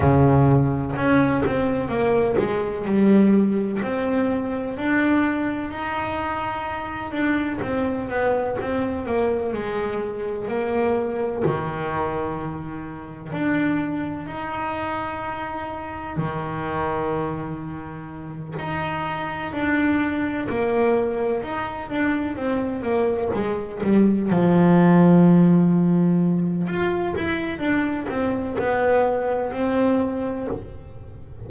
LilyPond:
\new Staff \with { instrumentName = "double bass" } { \time 4/4 \tempo 4 = 63 cis4 cis'8 c'8 ais8 gis8 g4 | c'4 d'4 dis'4. d'8 | c'8 b8 c'8 ais8 gis4 ais4 | dis2 d'4 dis'4~ |
dis'4 dis2~ dis8 dis'8~ | dis'8 d'4 ais4 dis'8 d'8 c'8 | ais8 gis8 g8 f2~ f8 | f'8 e'8 d'8 c'8 b4 c'4 | }